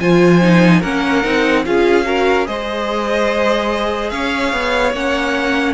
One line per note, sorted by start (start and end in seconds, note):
0.00 0.82 F3
0.00 0.41 F4
0.00 0.80 C5
0.00 0.82 G#5
0.41 0.82 D#4
0.80 1.24 A#3
0.80 1.23 C#4
0.80 1.62 A#4
0.80 1.65 F#5
1.23 1.66 C4
1.23 1.64 D#4
1.65 2.47 C#4
1.65 2.04 F4
1.65 2.06 G#4
1.65 2.47 F5
2.04 2.45 F#4
2.04 2.47 A#4
2.45 4.11 G#3
2.45 4.91 G#4
2.45 4.11 C5
2.45 4.10 D#5
4.10 4.53 C#4
4.10 5.73 C#5
4.10 4.92 F5
4.53 4.93 B3
4.93 5.73 A#3
4.93 5.73 C#4
4.93 5.73 F#5